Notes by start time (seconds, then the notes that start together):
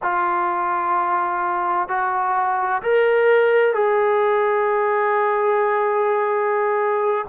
0.02 F4
1.88 F#4
2.82 A#4
3.73 G#4